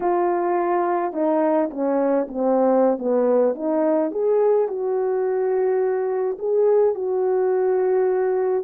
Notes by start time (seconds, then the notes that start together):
0.00 F4
1.12 D#4
1.70 C#4
2.27 C4
2.98 B3
3.55 D#4
4.11 G#4
4.67 F#4
6.38 G#4
6.94 F#4